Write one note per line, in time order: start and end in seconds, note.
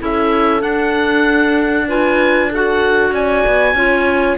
0.00 0.63 C#4
0.00 0.61 E4
0.00 1.88 A4
0.00 0.62 E5
0.61 1.86 D4
0.61 3.12 D4
0.61 1.88 F#5
1.88 2.51 F4
1.88 2.50 B4
1.88 2.53 G#5
2.50 3.77 F#4
2.50 3.13 A4
2.50 3.15 F#5
3.12 3.43 C#4
3.12 3.76 D5
3.12 4.38 G#5
3.47 3.74 B3
3.74 4.37 C#4
3.74 4.38 F4
3.74 4.38 C#5